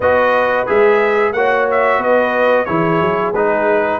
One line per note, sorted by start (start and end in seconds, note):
0.00 0.66 B3
0.00 0.67 F#4
0.00 1.34 B4
0.00 0.67 D#5
0.67 1.32 G#3
0.67 1.33 G#4
0.67 1.32 E5
1.32 1.98 A#3
1.32 2.66 F#4
1.32 1.99 C#5
1.32 1.66 F#5
1.70 2.02 E5
1.98 2.65 B3
1.98 2.65 B4
1.98 2.65 D#5
2.65 3.00 E3
2.65 3.33 E4
2.65 4.00 G#4
2.65 3.31 C#5
3.00 3.33 F#3
3.33 4.00 G#3
3.33 4.00 D#4
3.33 4.00 B4